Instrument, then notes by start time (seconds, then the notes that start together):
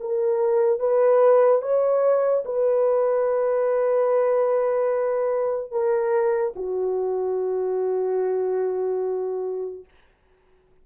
horn
0.00 A#4
0.79 B4
1.61 C#5
2.45 B4
5.71 A#4
6.56 F#4